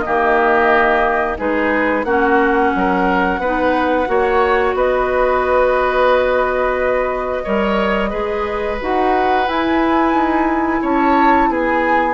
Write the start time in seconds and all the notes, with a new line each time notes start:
0.00 A#3 G4 D#5
0.06 D#3
1.37 G#3 D#4 G#4 B4
2.04 A#3 C#4 F#4 F#5
2.75 F#3 A#4
3.38 B3 D#4 B4
4.06 A#3 F#4 C#5
4.73 B3 B4 D#5
7.44 G3 A#4 C#5
8.10 G#3 G#4 B4
8.81 D#4 F#4 F#5
9.46 E4 G#5
10.13 D#4
10.82 C#4 C#5 A5
11.48 B3 G#4 G#5